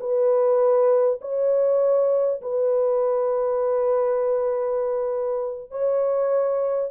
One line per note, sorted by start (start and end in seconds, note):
0.00 1.20 B4
1.21 2.41 C#5
2.42 5.71 B4
5.71 6.91 C#5